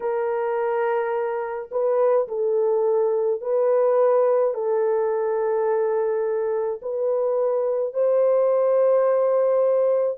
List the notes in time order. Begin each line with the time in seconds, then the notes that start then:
0.00 A#4
1.71 B4
2.28 A4
3.41 B4
4.53 A4
6.82 B4
7.93 C5